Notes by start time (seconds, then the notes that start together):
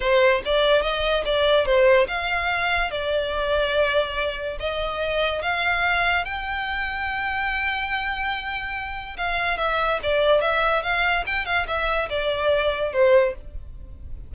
0.00 C5
0.45 D5
0.82 D#5
1.25 D5
1.65 C5
2.07 F5
2.91 D5
4.59 D#5
5.41 F5
6.25 G5
9.17 F5
9.57 E5
10.02 D5
10.41 E5
10.82 F5
11.26 G5
11.45 F5
11.67 E5
12.09 D5
12.92 C5